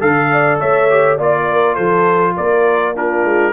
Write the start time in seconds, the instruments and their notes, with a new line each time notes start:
0.00 tuba D3, horn A4, trombone A4, trumpet F5
0.32 horn D5
0.60 tuba A3, horn C#5, trumpet E5
0.90 trombone G4
1.18 tuba A#3, trombone F4, horn D5, trumpet D5
1.51 horn A#4
1.75 tuba F3, horn A4, trumpet C5
2.37 tuba A#3, horn A#4, trumpet D5
2.95 trombone D4, horn F4, trumpet A#4
3.24 tuba G#3